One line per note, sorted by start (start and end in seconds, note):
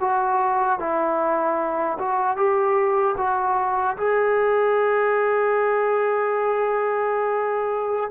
0.00 0.79 F#4
0.79 1.97 E4
1.99 2.36 F#4
2.36 3.15 G4
3.17 3.96 F#4
3.97 8.10 G#4